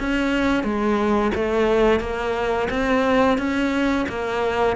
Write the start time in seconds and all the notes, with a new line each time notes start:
0.00 C#4
0.64 G#3
1.35 A3
2.01 A#3
2.71 C4
3.38 C#4
4.09 A#3